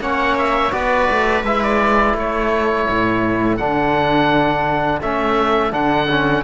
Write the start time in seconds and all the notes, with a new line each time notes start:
0.00 A#3 C#4 C#5 F#5
0.38 E5
0.71 B3 F#4 B4 D5
1.10 A3
1.43 G#3 E4 E5
1.62 D5
2.14 A3 A4 C#5
2.89 A2
3.56 D3 D4 F#5
5.01 A3 C#4 E5
5.71 D3 D4 F#5
6.10 C#4